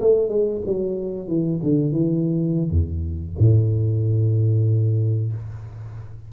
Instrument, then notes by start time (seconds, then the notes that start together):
tuba
0.00 A3
0.29 G#3
0.66 F#3
1.27 E3
1.63 D3
1.92 E3
2.70 E2
3.39 A2